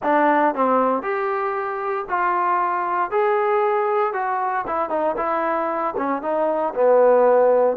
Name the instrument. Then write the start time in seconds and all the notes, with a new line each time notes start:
trombone
0.03 D4
0.54 C4
1.02 G4
2.08 F4
3.10 G#4
4.13 F#4
4.66 E4
4.89 D#4
5.16 E4
5.96 C#4
6.22 D#4
6.74 B3